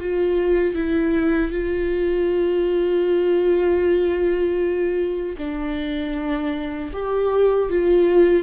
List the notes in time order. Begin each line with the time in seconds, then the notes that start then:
0.00 F4
0.75 E4
1.52 F4
5.38 D4
6.93 G4
7.70 F4